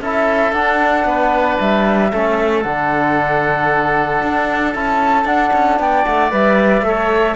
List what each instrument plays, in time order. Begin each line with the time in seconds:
0.00 cello C#4, trombone E4, oboe A4, flute E5
0.52 cello D4, trombone D4, flute F#5
1.04 cello B3, oboe B4
1.59 cello G3, flute E5
2.12 cello A3, trombone C#4, oboe A4
2.62 cello D3, trombone D4, flute F#5
4.22 cello D4
4.73 cello C#4, trombone E4, flute A5
5.25 cello D4, trombone D4, flute F#5
5.53 cello C#4
5.79 cello B3, oboe D5, flute G5
6.04 cello A3, flute F#5
6.31 cello G3, trombone B4, flute E5
6.81 cello A3, trombone A4, oboe C#5